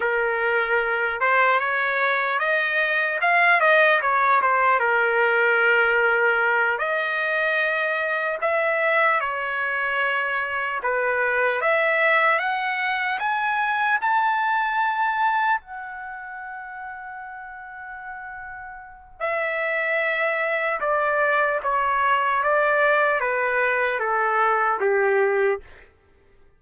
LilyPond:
\new Staff \with { instrumentName = "trumpet" } { \time 4/4 \tempo 4 = 75 ais'4. c''8 cis''4 dis''4 | f''8 dis''8 cis''8 c''8 ais'2~ | ais'8 dis''2 e''4 cis''8~ | cis''4. b'4 e''4 fis''8~ |
fis''8 gis''4 a''2 fis''8~ | fis''1 | e''2 d''4 cis''4 | d''4 b'4 a'4 g'4 | }